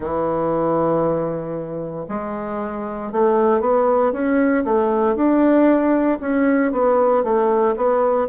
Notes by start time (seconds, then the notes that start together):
0.00 E3
2.08 G#3
3.12 A3
3.60 B3
4.12 C#4
4.64 A3
5.15 D4
6.20 C#4
6.72 B3
7.23 A3
7.76 B3